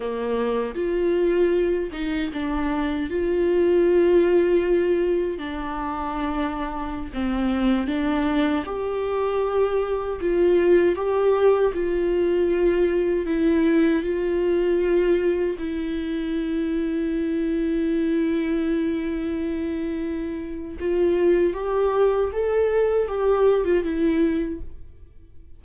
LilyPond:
\new Staff \with { instrumentName = "viola" } { \time 4/4 \tempo 4 = 78 ais4 f'4. dis'8 d'4 | f'2. d'4~ | d'4~ d'16 c'4 d'4 g'8.~ | g'4~ g'16 f'4 g'4 f'8.~ |
f'4~ f'16 e'4 f'4.~ f'16~ | f'16 e'2.~ e'8.~ | e'2. f'4 | g'4 a'4 g'8. f'16 e'4 | }